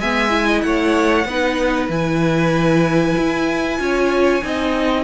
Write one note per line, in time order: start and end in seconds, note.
0.00 0.63 G#3
0.00 0.30 B3
0.00 0.46 E5
0.00 0.61 G#5
0.30 1.24 E4
0.46 0.62 D#5
0.61 1.25 A3
0.61 1.27 C#5
0.61 1.87 F#5
1.25 1.88 B3
1.25 1.90 D#4
1.25 3.79 B4
1.88 3.15 E3
1.88 3.78 E4
1.88 5.04 G#5
3.17 3.79 E4
3.78 4.42 C#4
3.78 4.41 F4
3.78 4.44 C#5
4.42 5.04 C4
4.42 5.04 D#4
4.42 5.04 D#5